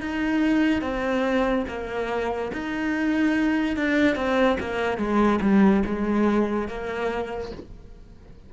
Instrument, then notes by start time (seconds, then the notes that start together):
cello
0.00 D#4
0.81 C4
1.68 A#3
2.52 D#4
3.76 D4
4.15 C4
4.60 A#3
4.97 G#3
5.41 G3
5.85 G#3
6.68 A#3